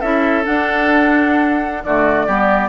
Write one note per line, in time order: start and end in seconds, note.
0.00 0.45 C#4
0.00 0.44 E4
0.00 1.82 A4
0.00 0.44 E5
0.44 1.84 D4
0.44 1.85 D4
0.44 1.84 F#5
1.84 2.28 D3
1.84 2.29 A3
1.84 2.26 F#4
1.84 2.69 D5
2.26 2.69 G3
2.26 2.69 B3
2.26 2.69 G4